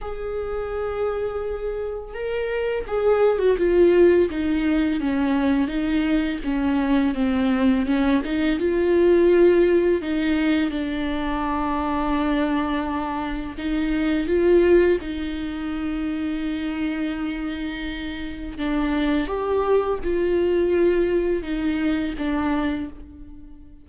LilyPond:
\new Staff \with { instrumentName = "viola" } { \time 4/4 \tempo 4 = 84 gis'2. ais'4 | gis'8. fis'16 f'4 dis'4 cis'4 | dis'4 cis'4 c'4 cis'8 dis'8 | f'2 dis'4 d'4~ |
d'2. dis'4 | f'4 dis'2.~ | dis'2 d'4 g'4 | f'2 dis'4 d'4 | }